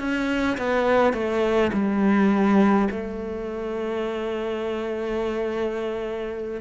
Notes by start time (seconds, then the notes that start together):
0.00 C#4
0.58 B3
1.14 A3
1.73 G3
2.92 A3